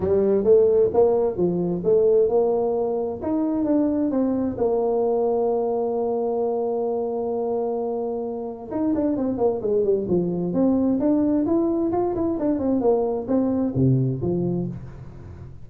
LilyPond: \new Staff \with { instrumentName = "tuba" } { \time 4/4 \tempo 4 = 131 g4 a4 ais4 f4 | a4 ais2 dis'4 | d'4 c'4 ais2~ | ais1~ |
ais2. dis'8 d'8 | c'8 ais8 gis8 g8 f4 c'4 | d'4 e'4 f'8 e'8 d'8 c'8 | ais4 c'4 c4 f4 | }